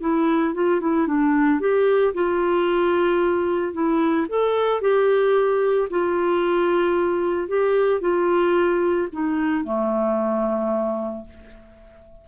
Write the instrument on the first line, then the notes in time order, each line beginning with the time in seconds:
clarinet
0.00 E4
0.54 F4
0.80 E4
1.07 D4
1.60 G4
2.14 F4
3.73 E4
4.28 A4
4.81 G4
5.90 F4
7.48 G4
8.00 F4
9.12 D#4
9.64 A3